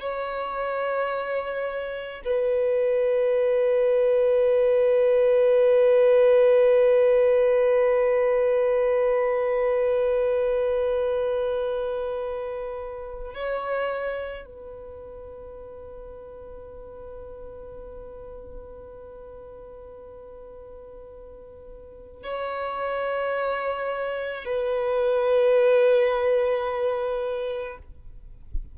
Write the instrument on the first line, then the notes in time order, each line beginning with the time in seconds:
violin
0.00 C#5
2.25 B4
13.34 C#5
14.45 B4
22.23 C#5
24.44 B4